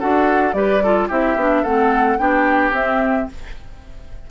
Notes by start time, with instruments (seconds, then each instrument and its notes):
0.00 bassoon D4, clarinet F#4, oboe A4, flute F#5
0.53 bassoon G3, clarinet G4, oboe B4, flute D5
0.84 clarinet F4, oboe A4
1.08 bassoon C4, clarinet E4, oboe G4, flute E5
1.36 bassoon B3, clarinet D4
1.63 bassoon A3, clarinet C4, oboe A4, flute F#5
2.18 bassoon B3, clarinet D4, oboe G4, flute G5
2.71 bassoon C4, clarinet C4, flute E5